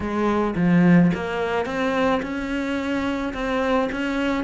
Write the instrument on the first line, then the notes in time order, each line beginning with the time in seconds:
cello
0.00 G#3
0.55 F3
1.14 A#3
1.65 C4
2.22 C#4
3.33 C4
3.91 C#4